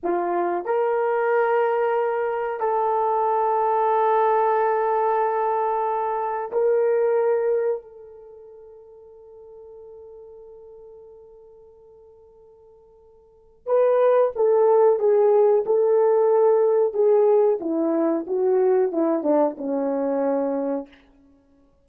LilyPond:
\new Staff \with { instrumentName = "horn" } { \time 4/4 \tempo 4 = 92 f'4 ais'2. | a'1~ | a'2 ais'2 | a'1~ |
a'1~ | a'4 b'4 a'4 gis'4 | a'2 gis'4 e'4 | fis'4 e'8 d'8 cis'2 | }